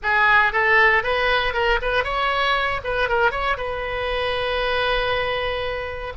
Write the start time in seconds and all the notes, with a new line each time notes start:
0.03 G#4
0.52 A4
1.03 B4
1.53 A#4
1.81 B4
2.03 C#5
2.84 B4
3.08 A#4
3.31 C#5
3.57 B4